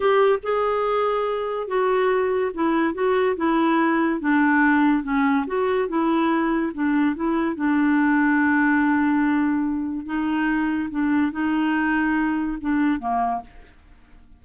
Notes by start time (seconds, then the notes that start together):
0.00 G4
0.43 G#4
1.67 F#4
2.53 E4
2.94 F#4
3.36 E4
4.20 D4
5.03 C#4
5.46 F#4
5.88 E4
6.74 D4
7.15 E4
7.55 D4
10.05 D#4
10.90 D4
11.32 D#4
12.60 D4
12.99 A#3